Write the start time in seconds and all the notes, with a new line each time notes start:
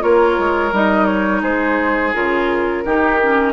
0.00 A#3 F4 A#4 C#5
0.39 G#3
0.72 G3 D#4 D#5
1.06 C#5
1.42 G#3 G#4 C5
2.14 C#3 F4 A#4
2.85 D#3 D#4 G4
3.22 C#4